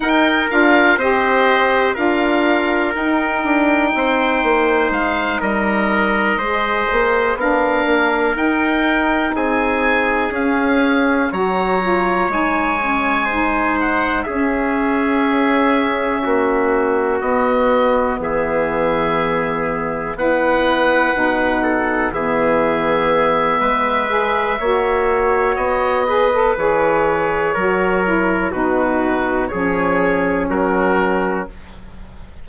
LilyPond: <<
  \new Staff \with { instrumentName = "oboe" } { \time 4/4 \tempo 4 = 61 g''8 f''8 dis''4 f''4 g''4~ | g''4 f''8 dis''2 f''8~ | f''8 g''4 gis''4 f''4 ais''8~ | ais''8 gis''4. fis''8 e''4.~ |
e''4. dis''4 e''4.~ | e''8 fis''2 e''4.~ | e''2 dis''4 cis''4~ | cis''4 b'4 cis''4 ais'4 | }
  \new Staff \with { instrumentName = "trumpet" } { \time 4/4 ais'4 c''4 ais'2 | c''4. ais'4 c''4 ais'8~ | ais'4. gis'2 cis''8~ | cis''4. c''4 gis'4.~ |
gis'8 fis'2 gis'4.~ | gis'8 b'4. a'8 gis'4. | b'4 cis''4. b'4. | ais'4 fis'4 gis'4 fis'4 | }
  \new Staff \with { instrumentName = "saxophone" } { \time 4/4 dis'8 f'8 g'4 f'4 dis'4~ | dis'2~ dis'8 gis'4 d'8~ | d'8 dis'2 cis'4 fis'8 | f'8 dis'8 cis'8 dis'4 cis'4.~ |
cis'4. b2~ b8~ | b8 e'4 dis'4 b4.~ | b8 gis'8 fis'4. gis'16 a'16 gis'4 | fis'8 e'8 dis'4 cis'2 | }
  \new Staff \with { instrumentName = "bassoon" } { \time 4/4 dis'8 d'8 c'4 d'4 dis'8 d'8 | c'8 ais8 gis8 g4 gis8 ais8 b8 | ais8 dis'4 c'4 cis'4 fis8~ | fis8 gis2 cis'4.~ |
cis'8 ais4 b4 e4.~ | e8 b4 b,4 e4. | gis4 ais4 b4 e4 | fis4 b,4 f4 fis4 | }
>>